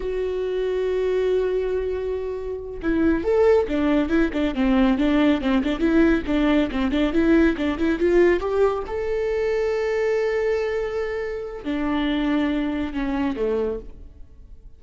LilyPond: \new Staff \with { instrumentName = "viola" } { \time 4/4 \tempo 4 = 139 fis'1~ | fis'2~ fis'8 e'4 a'8~ | a'8 d'4 e'8 d'8 c'4 d'8~ | d'8 c'8 d'8 e'4 d'4 c'8 |
d'8 e'4 d'8 e'8 f'4 g'8~ | g'8 a'2.~ a'8~ | a'2. d'4~ | d'2 cis'4 a4 | }